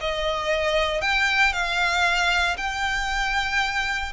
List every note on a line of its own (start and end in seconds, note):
0.00 1.01 D#5
1.01 1.52 G5
1.53 2.56 F5
2.57 4.12 G5